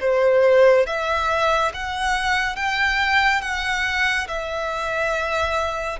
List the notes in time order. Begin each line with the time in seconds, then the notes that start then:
0.00 C5
0.86 E5
1.74 F#5
2.56 G5
3.41 F#5
4.28 E5